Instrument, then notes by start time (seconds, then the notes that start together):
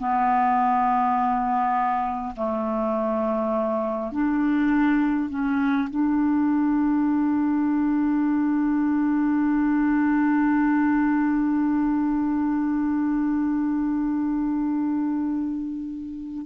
clarinet
0.00 B3
2.36 A3
4.12 D4
5.30 C#4
5.90 D4